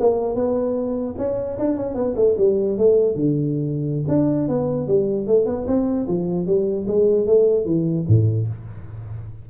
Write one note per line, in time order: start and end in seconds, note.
0.00 0.35 A#3
0.35 1.15 B3
1.18 1.58 C#4
1.59 1.77 D4
1.77 1.95 C#4
1.95 2.15 B3
2.16 2.36 A3
2.38 2.78 G3
2.78 3.16 A3
3.16 4.06 D3
4.08 4.48 D4
4.48 4.87 B3
4.87 5.27 G3
5.27 5.46 A3
5.46 5.66 B3
5.67 6.07 C4
6.08 6.47 F3
6.47 6.87 G3
6.87 7.27 G#3
7.27 7.65 A3
7.65 8.05 E3
8.08 8.48 A2